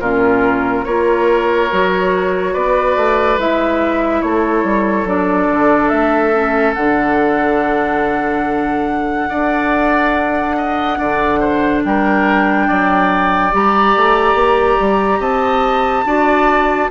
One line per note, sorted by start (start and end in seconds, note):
0.00 0.85 A#2
0.00 0.87 C#4
0.00 0.85 F4
0.00 0.85 A#4
0.85 1.71 A#3
0.85 1.71 F4
0.85 2.53 A#4
0.85 2.54 C#5
1.72 2.55 F#3
1.72 3.39 F#4
2.53 2.97 B3
2.53 4.22 B4
2.53 3.39 D5
2.97 3.38 A3
3.38 4.23 G#3
3.38 5.07 E4
3.38 4.22 E5
4.22 4.64 A3
4.22 9.30 A4
4.22 5.07 C#5
4.64 5.05 G3
5.05 5.47 F#3
5.05 6.33 D4
5.05 5.89 D5
5.50 5.91 D3
5.89 6.76 A3
5.89 6.74 E5
6.33 6.76 C#4
6.74 9.30 D3
6.74 9.30 D4
6.74 11.81 F#5
9.30 10.99 D4
9.30 10.97 A4
9.30 10.56 D5
10.57 10.99 D#5
10.97 11.85 D3
10.97 13.51 D4
10.97 11.40 D5
11.40 11.82 C5
11.85 12.69 G3
11.85 12.68 A#4
11.85 13.54 G5
12.68 13.53 F#3
12.68 15.20 D5
13.52 13.96 G3
13.52 16.06 G4
13.52 15.21 A#5
13.97 14.35 A3
14.35 14.77 A#3
14.80 15.20 G3
15.20 16.04 C4
15.20 16.04 D#5
15.20 16.90 A5
16.05 16.89 D4
16.05 16.91 F#4
16.05 16.91 D5